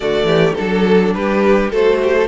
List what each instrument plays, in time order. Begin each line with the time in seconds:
0.00 cello D3, viola A3, violin F#4 D5
0.24 cello E3, violin G4
0.54 cello F#3, viola D4, violin A4
1.14 cello G3, violin G4 B4
1.69 cello A3, viola F#4, violin A4 C5
2.02 violin G4
2.14 violin A4